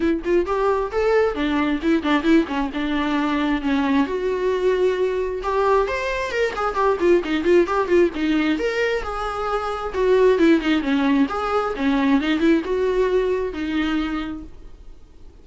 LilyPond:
\new Staff \with { instrumentName = "viola" } { \time 4/4 \tempo 4 = 133 e'8 f'8 g'4 a'4 d'4 | e'8 d'8 e'8 cis'8 d'2 | cis'4 fis'2. | g'4 c''4 ais'8 gis'8 g'8 f'8 |
dis'8 f'8 g'8 f'8 dis'4 ais'4 | gis'2 fis'4 e'8 dis'8 | cis'4 gis'4 cis'4 dis'8 e'8 | fis'2 dis'2 | }